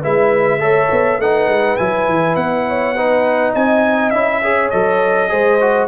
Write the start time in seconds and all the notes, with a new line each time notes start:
0.00 G#3 E4 B4 E5
0.58 A3 A4 C#5
0.91 B3
1.18 A3 D#4 B4 F#5
1.47 G#3
1.76 F#3 E4 G#5
2.07 E3
2.36 B3 F#5
2.67 C#5
2.96 D#4 B4
3.52 C4 D#5 G#5
4.10 C#4 E4 E5
4.42 G#4 C#5
4.70 F#3 A4 D#5
5.28 G#3 G#4 C5
5.60 F#4